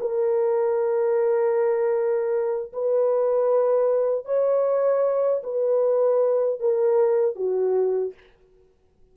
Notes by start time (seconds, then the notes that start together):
0.00 A#4
2.73 B4
4.25 C#5
5.43 B4
6.60 A#4
7.36 F#4